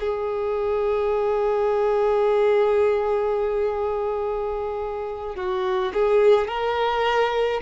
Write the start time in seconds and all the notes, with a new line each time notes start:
0.00 G#4
5.36 F#4
5.93 G#4
6.47 A#4